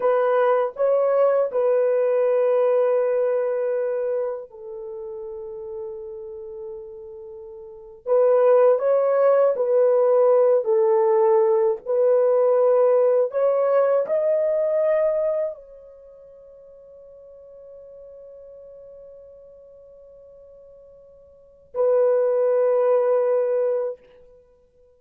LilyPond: \new Staff \with { instrumentName = "horn" } { \time 4/4 \tempo 4 = 80 b'4 cis''4 b'2~ | b'2 a'2~ | a'2~ a'8. b'4 cis''16~ | cis''8. b'4. a'4. b'16~ |
b'4.~ b'16 cis''4 dis''4~ dis''16~ | dis''8. cis''2.~ cis''16~ | cis''1~ | cis''4 b'2. | }